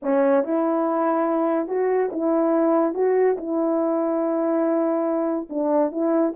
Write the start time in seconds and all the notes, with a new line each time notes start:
0.02 C#4
0.44 E4
1.67 F#4
2.12 E4
2.94 F#4
3.37 E4
5.49 D4
5.91 E4